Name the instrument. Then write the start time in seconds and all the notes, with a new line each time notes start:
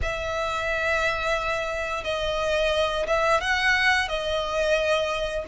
violin
0.02 E5
2.04 D#5
3.06 E5
3.41 F#5
4.08 D#5